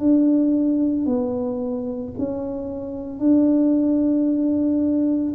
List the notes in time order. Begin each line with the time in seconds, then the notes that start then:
0.00 D4
1.06 B3
2.18 C#4
3.19 D4